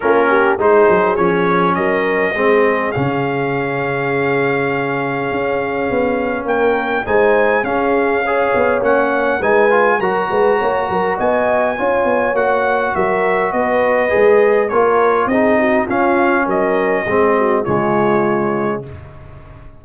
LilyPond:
<<
  \new Staff \with { instrumentName = "trumpet" } { \time 4/4 \tempo 4 = 102 ais'4 c''4 cis''4 dis''4~ | dis''4 f''2.~ | f''2. g''4 | gis''4 f''2 fis''4 |
gis''4 ais''2 gis''4~ | gis''4 fis''4 e''4 dis''4~ | dis''4 cis''4 dis''4 f''4 | dis''2 cis''2 | }
  \new Staff \with { instrumentName = "horn" } { \time 4/4 f'8 g'8 gis'2 ais'4 | gis'1~ | gis'2. ais'4 | c''4 gis'4 cis''2 |
b'4 ais'8 b'8 cis''8 ais'8 dis''4 | cis''2 ais'4 b'4~ | b'4 ais'4 gis'8 fis'8 f'4 | ais'4 gis'8 fis'8 f'2 | }
  \new Staff \with { instrumentName = "trombone" } { \time 4/4 cis'4 dis'4 cis'2 | c'4 cis'2.~ | cis'1 | dis'4 cis'4 gis'4 cis'4 |
dis'8 f'8 fis'2. | f'4 fis'2. | gis'4 f'4 dis'4 cis'4~ | cis'4 c'4 gis2 | }
  \new Staff \with { instrumentName = "tuba" } { \time 4/4 ais4 gis8 fis8 f4 fis4 | gis4 cis2.~ | cis4 cis'4 b4 ais4 | gis4 cis'4. b8 ais4 |
gis4 fis8 gis8 ais8 fis8 b4 | cis'8 b8 ais4 fis4 b4 | gis4 ais4 c'4 cis'4 | fis4 gis4 cis2 | }
>>